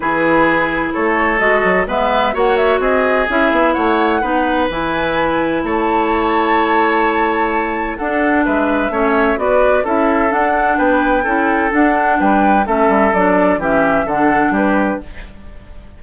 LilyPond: <<
  \new Staff \with { instrumentName = "flute" } { \time 4/4 \tempo 4 = 128 b'2 cis''4 dis''4 | e''4 fis''8 e''8 dis''4 e''4 | fis''2 gis''2 | a''1~ |
a''4 fis''4 e''2 | d''4 e''4 fis''4 g''4~ | g''4 fis''4 g''4 e''4 | d''4 e''4 fis''4 b'4 | }
  \new Staff \with { instrumentName = "oboe" } { \time 4/4 gis'2 a'2 | b'4 cis''4 gis'2 | cis''4 b'2. | cis''1~ |
cis''4 a'4 b'4 cis''4 | b'4 a'2 b'4 | a'2 b'4 a'4~ | a'4 g'4 a'4 g'4 | }
  \new Staff \with { instrumentName = "clarinet" } { \time 4/4 e'2. fis'4 | b4 fis'2 e'4~ | e'4 dis'4 e'2~ | e'1~ |
e'4 d'2 cis'4 | fis'4 e'4 d'2 | e'4 d'2 cis'4 | d'4 cis'4 d'2 | }
  \new Staff \with { instrumentName = "bassoon" } { \time 4/4 e2 a4 gis8 fis8 | gis4 ais4 c'4 cis'8 b8 | a4 b4 e2 | a1~ |
a4 d'4 gis4 a4 | b4 cis'4 d'4 b4 | cis'4 d'4 g4 a8 g8 | fis4 e4 d4 g4 | }
>>